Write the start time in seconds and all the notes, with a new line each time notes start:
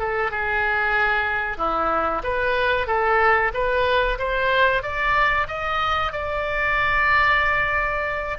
0.00 A4
0.31 G#4
1.58 E4
2.24 B4
2.88 A4
3.54 B4
4.19 C5
4.83 D5
5.48 D#5
6.13 D5